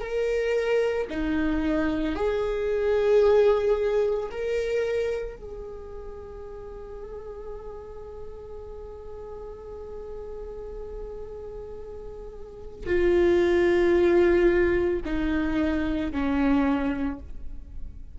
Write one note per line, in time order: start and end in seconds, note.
0.00 1.07 A#4
1.10 2.15 D#4
2.15 4.30 G#4
4.31 5.36 A#4
5.36 12.86 G#4
12.86 15.00 F4
15.05 16.12 D#4
16.12 17.19 C#4